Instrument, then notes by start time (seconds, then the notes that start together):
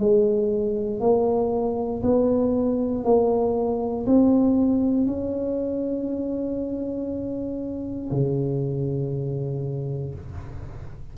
tuba
0.00 G#3
1.01 A#3
2.03 B3
3.05 A#3
4.07 C4
5.07 C#4
8.12 C#3